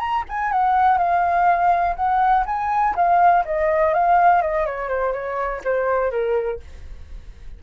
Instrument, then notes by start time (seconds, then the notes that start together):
flute
0.00 A#5
0.29 G#5
0.52 F#5
0.98 F5
1.96 F#5
2.46 G#5
2.96 F5
3.45 D#5
3.94 F5
4.42 D#5
4.66 C#5
4.89 C5
5.13 C#5
5.65 C5
6.12 A#4